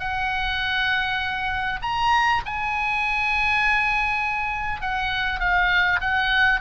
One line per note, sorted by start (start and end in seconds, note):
0.00 1.80 F#5
1.82 2.42 A#5
2.46 4.82 G#5
4.82 5.40 F#5
5.40 6.00 F5
6.01 6.61 F#5